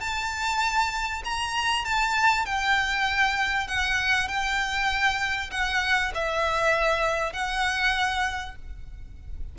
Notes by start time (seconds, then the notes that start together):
0.00 A5
1.24 A#5
1.85 A5
2.45 G5
3.67 F#5
4.28 G5
5.51 F#5
6.14 E5
7.33 F#5